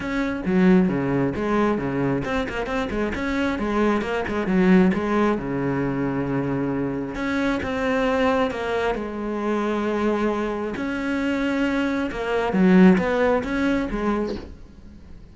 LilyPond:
\new Staff \with { instrumentName = "cello" } { \time 4/4 \tempo 4 = 134 cis'4 fis4 cis4 gis4 | cis4 c'8 ais8 c'8 gis8 cis'4 | gis4 ais8 gis8 fis4 gis4 | cis1 |
cis'4 c'2 ais4 | gis1 | cis'2. ais4 | fis4 b4 cis'4 gis4 | }